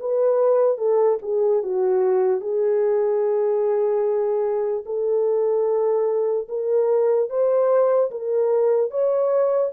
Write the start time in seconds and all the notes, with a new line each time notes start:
0.00 B4
0.78 A4
1.22 G#4
1.63 F#4
2.41 G#4
4.86 A4
6.49 A#4
7.29 C5
8.11 A#4
8.91 C#5